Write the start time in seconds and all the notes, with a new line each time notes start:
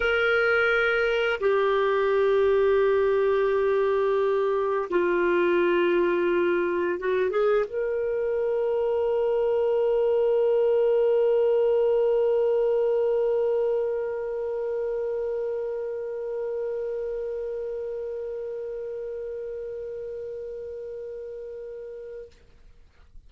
0.00 A#4
1.40 G4
4.90 F4
6.99 F#4
7.30 G#4
7.66 A#4